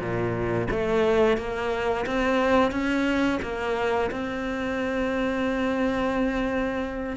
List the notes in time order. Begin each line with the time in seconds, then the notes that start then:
0.00 A#2
0.71 A3
1.37 A#3
2.06 C4
2.71 C#4
3.42 A#3
4.11 C4